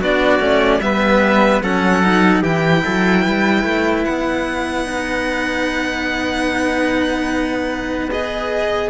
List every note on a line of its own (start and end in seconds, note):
0.00 0.40 B3
0.00 0.40 D4
0.00 0.81 F#4
0.00 0.81 D5
0.40 0.80 A3
0.40 0.80 C#4
0.80 1.61 G3
0.80 1.64 B3
0.80 1.63 B4
0.80 1.62 E5
1.62 2.42 F#3
1.62 2.03 C#4
1.62 2.42 A4
1.62 2.43 F#5
2.03 2.44 D#4
2.42 2.83 E3
2.42 4.85 E4
2.42 2.82 G4
2.42 4.05 G5
2.85 3.26 F#3
2.85 3.22 A4
3.22 3.64 G3
3.22 8.90 B4
3.64 4.04 A3
4.05 8.90 B3
4.05 8.10 F#5
4.85 8.09 D#4
8.11 8.90 G#4
8.11 8.90 D#5